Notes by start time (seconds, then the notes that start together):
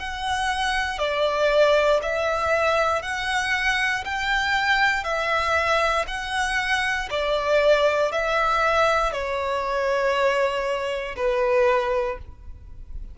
0.00 F#5
0.99 D5
2.03 E5
3.03 F#5
4.05 G5
5.04 E5
6.08 F#5
7.10 D5
8.12 E5
9.12 C#5
11.17 B4